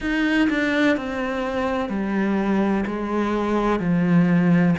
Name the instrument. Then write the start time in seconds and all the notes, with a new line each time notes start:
cello
0.00 D#4
0.49 D4
0.96 C4
1.89 G3
2.86 G#3
3.79 F3